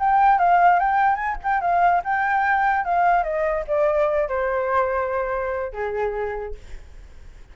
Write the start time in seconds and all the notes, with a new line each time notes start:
0.00 G5
0.39 F5
0.80 G5
1.16 G#5
1.44 G5
1.62 F5
2.05 G5
2.85 F5
3.24 D#5
3.68 D5
4.29 C5
5.73 G#4